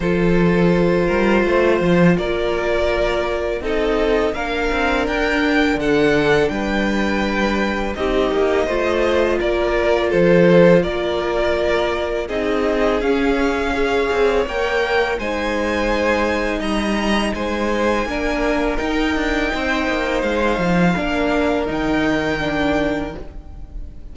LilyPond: <<
  \new Staff \with { instrumentName = "violin" } { \time 4/4 \tempo 4 = 83 c''2. d''4~ | d''4 dis''4 f''4 g''4 | fis''4 g''2 dis''4~ | dis''4 d''4 c''4 d''4~ |
d''4 dis''4 f''2 | g''4 gis''2 ais''4 | gis''2 g''2 | f''2 g''2 | }
  \new Staff \with { instrumentName = "violin" } { \time 4/4 a'4. ais'8 c''4 ais'4~ | ais'4 a'4 ais'2 | a'4 b'2 g'4 | c''4 ais'4 a'4 ais'4~ |
ais'4 gis'2 cis''4~ | cis''4 c''2 dis''4 | c''4 ais'2 c''4~ | c''4 ais'2. | }
  \new Staff \with { instrumentName = "viola" } { \time 4/4 f'1~ | f'4 dis'4 d'2~ | d'2. dis'4 | f'1~ |
f'4 dis'4 cis'4 gis'4 | ais'4 dis'2.~ | dis'4 d'4 dis'2~ | dis'4 d'4 dis'4 d'4 | }
  \new Staff \with { instrumentName = "cello" } { \time 4/4 f4. g8 a8 f8 ais4~ | ais4 c'4 ais8 c'8 d'4 | d4 g2 c'8 ais8 | a4 ais4 f4 ais4~ |
ais4 c'4 cis'4. c'8 | ais4 gis2 g4 | gis4 ais4 dis'8 d'8 c'8 ais8 | gis8 f8 ais4 dis2 | }
>>